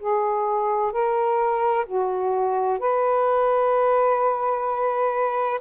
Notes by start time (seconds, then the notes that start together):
0.00 G#4
0.92 A#4
1.86 F#4
2.80 B4